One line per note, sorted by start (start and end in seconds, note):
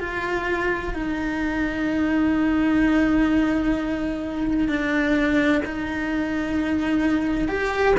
0.00 0.93 F4
0.93 4.68 D#4
4.68 5.62 D4
5.65 7.48 D#4
7.48 7.95 G4